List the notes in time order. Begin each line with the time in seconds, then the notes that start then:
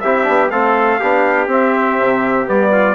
0.00 C4 E4 G4 E5
0.23 B3 D4
0.50 A3 C4 A4 F5
0.99 B3 D4 G4
1.47 C4 E5
1.99 C3
2.45 G3 B3 D5
2.71 F4